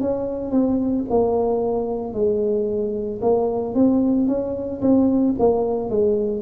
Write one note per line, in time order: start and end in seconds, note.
0.00 0.51 C#4
0.51 1.04 C4
1.09 2.13 A#3
2.13 3.20 G#3
3.21 3.74 A#3
3.74 4.27 C4
4.27 4.81 C#4
4.81 5.35 C4
5.39 5.89 A#3
5.89 6.42 G#3